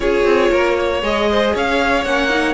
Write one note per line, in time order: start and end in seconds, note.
0.00 0.24 C#4
0.00 1.01 F4
0.00 0.51 G#4
0.00 1.01 C#5
0.24 0.50 C4
0.51 1.02 A#3
0.51 0.76 A#4
0.78 1.29 C#5
1.02 1.53 G#3
1.02 2.04 G#4
1.02 1.55 D#5
1.30 1.54 C5
1.54 2.05 C#4
1.54 2.54 C#5
1.54 2.04 F5
2.04 2.54 A#3
2.04 2.29 C#4
2.04 2.54 F#5
2.29 2.54 D#4